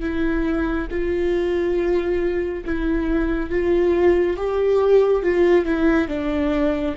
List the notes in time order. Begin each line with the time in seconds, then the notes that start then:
0.00 E4
0.90 F4
2.65 E4
3.50 F4
4.36 G4
5.23 F4
5.65 E4
6.08 D4